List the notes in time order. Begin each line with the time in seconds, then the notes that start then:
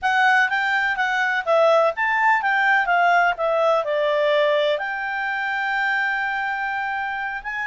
0.02 F#5
0.49 G5
0.96 F#5
1.45 E5
1.95 A5
2.42 G5
2.85 F5
3.37 E5
3.84 D5
4.78 G5
7.43 G#5